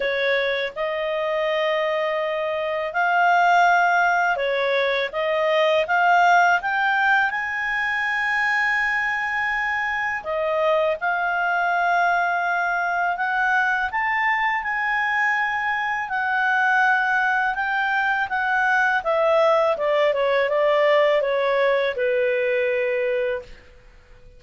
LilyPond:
\new Staff \with { instrumentName = "clarinet" } { \time 4/4 \tempo 4 = 82 cis''4 dis''2. | f''2 cis''4 dis''4 | f''4 g''4 gis''2~ | gis''2 dis''4 f''4~ |
f''2 fis''4 a''4 | gis''2 fis''2 | g''4 fis''4 e''4 d''8 cis''8 | d''4 cis''4 b'2 | }